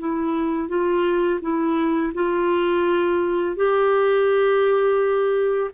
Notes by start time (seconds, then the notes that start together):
0.00 E4
0.69 F4
1.42 E4
2.14 F4
3.56 G4